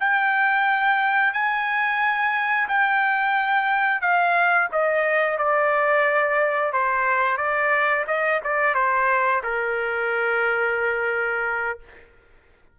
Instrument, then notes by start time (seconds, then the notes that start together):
trumpet
0.00 G5
1.33 G#5
2.68 G5
4.01 F5
4.72 D#5
5.38 D5
6.73 C5
7.38 D5
8.07 D#5
8.44 D5
8.75 C5
9.44 A#4